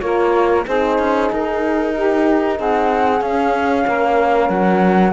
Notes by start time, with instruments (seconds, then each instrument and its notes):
0.00 cello A#3, horn F4, saxophone A#4, flute C#5
0.66 cello C4, horn D#4, saxophone G#4, flute C5
0.98 cello C#4
1.32 cello D#4, flute A#4
1.95 saxophone G4
2.57 cello C4, saxophone G#4, flute F#5
3.21 horn C#4, cello C#4, flute F5
3.87 cello A#3, saxophone A#4
4.49 cello F#3, flute F#5